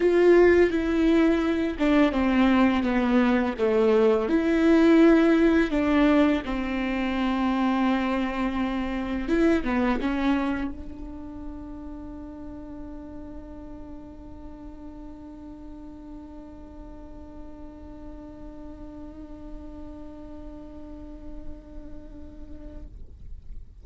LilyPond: \new Staff \with { instrumentName = "viola" } { \time 4/4 \tempo 4 = 84 f'4 e'4. d'8 c'4 | b4 a4 e'2 | d'4 c'2.~ | c'4 e'8 b8 cis'4 d'4~ |
d'1~ | d'1~ | d'1~ | d'1 | }